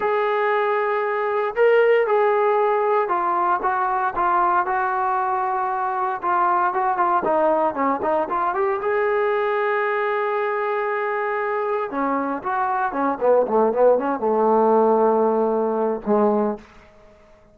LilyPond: \new Staff \with { instrumentName = "trombone" } { \time 4/4 \tempo 4 = 116 gis'2. ais'4 | gis'2 f'4 fis'4 | f'4 fis'2. | f'4 fis'8 f'8 dis'4 cis'8 dis'8 |
f'8 g'8 gis'2.~ | gis'2. cis'4 | fis'4 cis'8 b8 a8 b8 cis'8 a8~ | a2. gis4 | }